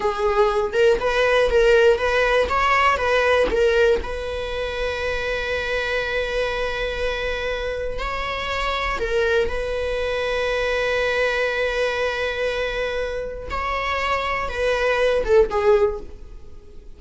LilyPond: \new Staff \with { instrumentName = "viola" } { \time 4/4 \tempo 4 = 120 gis'4. ais'8 b'4 ais'4 | b'4 cis''4 b'4 ais'4 | b'1~ | b'1 |
cis''2 ais'4 b'4~ | b'1~ | b'2. cis''4~ | cis''4 b'4. a'8 gis'4 | }